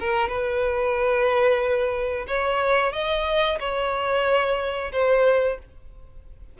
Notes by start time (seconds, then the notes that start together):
0.00 A#4
0.29 B4
2.28 C#5
2.93 D#5
3.60 C#5
4.92 C5